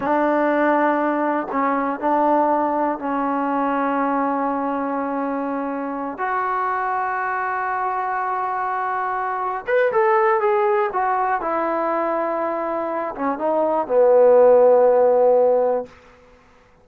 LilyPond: \new Staff \with { instrumentName = "trombone" } { \time 4/4 \tempo 4 = 121 d'2. cis'4 | d'2 cis'2~ | cis'1~ | cis'8 fis'2.~ fis'8~ |
fis'2.~ fis'8 b'8 | a'4 gis'4 fis'4 e'4~ | e'2~ e'8 cis'8 dis'4 | b1 | }